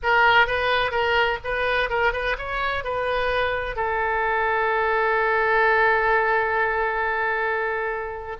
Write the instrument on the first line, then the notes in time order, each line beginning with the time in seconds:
oboe
0.02 A#4
0.46 B4
0.91 A#4
1.44 B4
1.89 A#4
2.12 B4
2.38 C#5
2.83 B4
3.76 A4